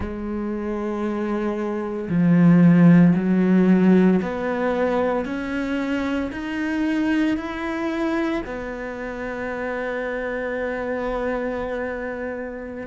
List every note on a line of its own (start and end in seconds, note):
0.00 2.08 G#3
2.09 3.14 F3
3.15 4.21 F#3
4.22 5.25 B3
5.25 6.30 C#4
6.32 7.37 D#4
7.37 8.42 E4
8.45 12.87 B3